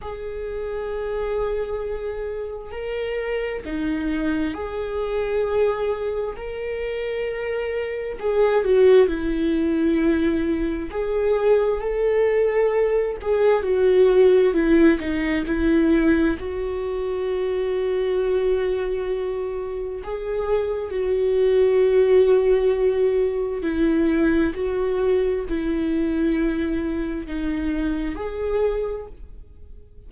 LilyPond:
\new Staff \with { instrumentName = "viola" } { \time 4/4 \tempo 4 = 66 gis'2. ais'4 | dis'4 gis'2 ais'4~ | ais'4 gis'8 fis'8 e'2 | gis'4 a'4. gis'8 fis'4 |
e'8 dis'8 e'4 fis'2~ | fis'2 gis'4 fis'4~ | fis'2 e'4 fis'4 | e'2 dis'4 gis'4 | }